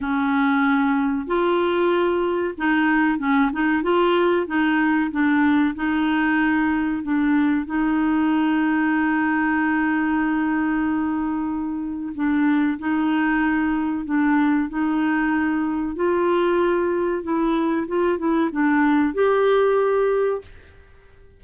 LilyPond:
\new Staff \with { instrumentName = "clarinet" } { \time 4/4 \tempo 4 = 94 cis'2 f'2 | dis'4 cis'8 dis'8 f'4 dis'4 | d'4 dis'2 d'4 | dis'1~ |
dis'2. d'4 | dis'2 d'4 dis'4~ | dis'4 f'2 e'4 | f'8 e'8 d'4 g'2 | }